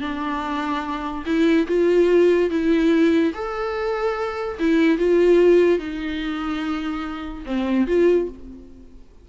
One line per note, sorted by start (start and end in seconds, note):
0.00 1.24 D4
1.25 1.67 E4
1.67 2.50 F4
2.50 3.33 E4
3.34 4.58 A4
4.59 4.98 E4
4.98 5.79 F4
5.79 7.44 D#4
7.46 7.87 C4
7.87 8.28 F4